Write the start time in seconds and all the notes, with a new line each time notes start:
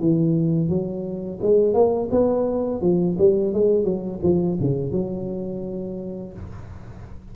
0.00 E3
0.69 F#3
1.42 G#3
1.74 A#3
2.11 B3
2.82 F3
3.19 G3
3.54 G#3
3.85 F#3
4.23 F3
4.61 C#3
4.92 F#3